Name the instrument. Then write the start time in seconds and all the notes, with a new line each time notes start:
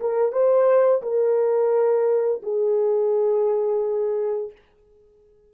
horn
0.00 A#4
0.32 C5
1.02 A#4
2.43 G#4